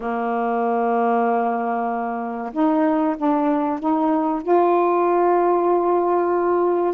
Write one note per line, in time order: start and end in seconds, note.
0.00 2.52 A#3
2.53 3.16 D#4
3.17 3.79 D4
3.79 4.42 D#4
4.42 6.94 F4